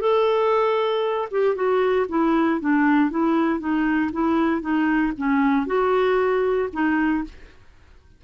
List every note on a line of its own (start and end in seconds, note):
0.00 1.28 A4
1.31 1.55 G4
1.55 2.06 F#4
2.08 2.60 E4
2.60 3.10 D4
3.10 3.59 E4
3.59 4.10 D#4
4.12 4.61 E4
4.61 5.12 D#4
5.17 5.66 C#4
5.66 6.69 F#4
6.72 7.24 D#4